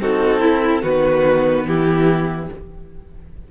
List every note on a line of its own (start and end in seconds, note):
0.00 0.83 C4
0.00 0.41 D#4
0.00 0.40 F#4
0.00 0.83 A4
0.40 0.82 E4
0.82 1.65 D#3
0.82 2.49 B3
0.82 1.65 F#4
0.82 1.66 B4
1.65 2.48 E3
1.65 2.51 E4
1.65 2.50 G4